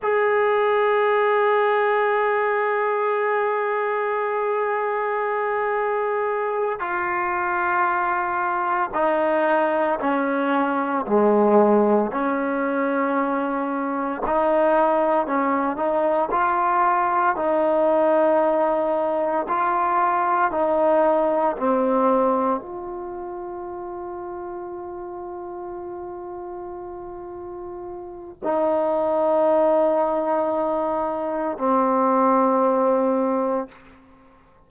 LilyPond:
\new Staff \with { instrumentName = "trombone" } { \time 4/4 \tempo 4 = 57 gis'1~ | gis'2~ gis'8 f'4.~ | f'8 dis'4 cis'4 gis4 cis'8~ | cis'4. dis'4 cis'8 dis'8 f'8~ |
f'8 dis'2 f'4 dis'8~ | dis'8 c'4 f'2~ f'8~ | f'2. dis'4~ | dis'2 c'2 | }